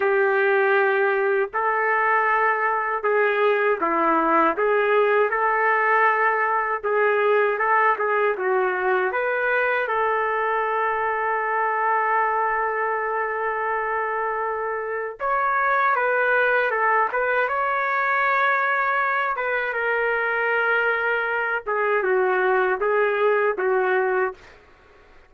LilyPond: \new Staff \with { instrumentName = "trumpet" } { \time 4/4 \tempo 4 = 79 g'2 a'2 | gis'4 e'4 gis'4 a'4~ | a'4 gis'4 a'8 gis'8 fis'4 | b'4 a'2.~ |
a'1 | cis''4 b'4 a'8 b'8 cis''4~ | cis''4. b'8 ais'2~ | ais'8 gis'8 fis'4 gis'4 fis'4 | }